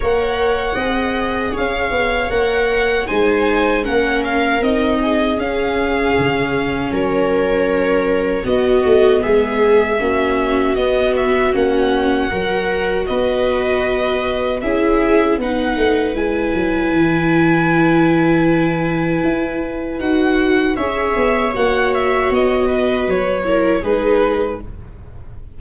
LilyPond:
<<
  \new Staff \with { instrumentName = "violin" } { \time 4/4 \tempo 4 = 78 fis''2 f''4 fis''4 | gis''4 fis''8 f''8 dis''4 f''4~ | f''4 cis''2 dis''4 | e''2 dis''8 e''8 fis''4~ |
fis''4 dis''2 e''4 | fis''4 gis''2.~ | gis''2 fis''4 e''4 | fis''8 e''8 dis''4 cis''4 b'4 | }
  \new Staff \with { instrumentName = "viola" } { \time 4/4 cis''4 dis''4 cis''2 | c''4 ais'4. gis'4.~ | gis'4 ais'2 fis'4 | gis'4 fis'2. |
ais'4 b'2 gis'4 | b'1~ | b'2. cis''4~ | cis''4. b'4 ais'8 gis'4 | }
  \new Staff \with { instrumentName = "viola" } { \time 4/4 ais'4 gis'2 ais'4 | dis'4 cis'4 dis'4 cis'4~ | cis'2. b4~ | b4 cis'4 b4 cis'4 |
fis'2. e'4 | dis'4 e'2.~ | e'2 fis'4 gis'4 | fis'2~ fis'8 e'8 dis'4 | }
  \new Staff \with { instrumentName = "tuba" } { \time 4/4 ais4 c'4 cis'8 b8 ais4 | gis4 ais4 c'4 cis'4 | cis4 fis2 b8 a8 | gis4 ais4 b4 ais4 |
fis4 b2 cis'4 | b8 a8 gis8 fis8 e2~ | e4 e'4 dis'4 cis'8 b8 | ais4 b4 fis4 gis4 | }
>>